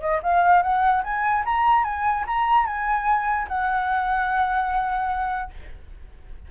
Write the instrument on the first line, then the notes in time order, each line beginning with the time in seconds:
flute
0.00 D#5
0.22 F5
0.62 F#5
1.03 G#5
1.45 A#5
1.84 G#5
2.26 A#5
2.66 G#5
3.48 F#5